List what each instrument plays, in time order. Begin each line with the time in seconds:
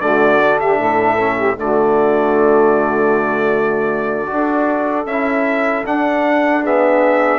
0.00 bassoon D3, trombone A3, saxophone F#4, trumpet D5
0.39 trombone D4
0.59 saxophone G4, trumpet E5
0.78 bassoon A2, saxophone A4
1.19 trombone C#4
1.36 saxophone G4
1.56 bassoon D3, trombone A3, saxophone F#4, trumpet D5
4.26 bassoon D4, trombone F#4, saxophone A4
5.05 bassoon C#4, trombone E4, trumpet E5
5.85 trombone D4, bassoon D4, trumpet F#5
6.62 trombone B3, saxophone G#4, trumpet E5